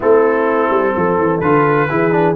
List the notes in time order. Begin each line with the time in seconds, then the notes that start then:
0.00 A3 C4 E4 A4
0.69 G3
0.96 F3 A4
1.17 E3
1.39 D3 F4 B4
1.89 E3 E4 G#4
2.11 D4